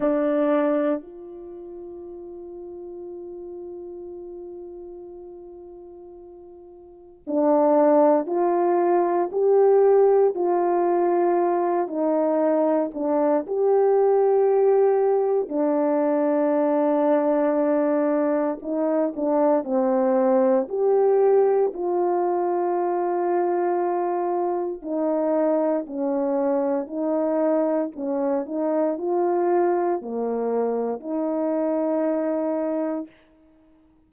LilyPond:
\new Staff \with { instrumentName = "horn" } { \time 4/4 \tempo 4 = 58 d'4 f'2.~ | f'2. d'4 | f'4 g'4 f'4. dis'8~ | dis'8 d'8 g'2 d'4~ |
d'2 dis'8 d'8 c'4 | g'4 f'2. | dis'4 cis'4 dis'4 cis'8 dis'8 | f'4 ais4 dis'2 | }